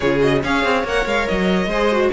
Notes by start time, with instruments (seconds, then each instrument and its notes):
0.00 cello C#3, viola F4, violin G#4 C#5
0.18 viola F#4, violin D#5
0.42 cello C#4, viola G#4, violin C#5 F5
0.64 cello C4
0.83 cello A#3, viola A#4, violin F#5
1.05 cello G#3, violin F5
1.27 cello F#3, violin D#5
1.66 cello G#3, violin C5
1.73 viola G#4
1.92 viola F#4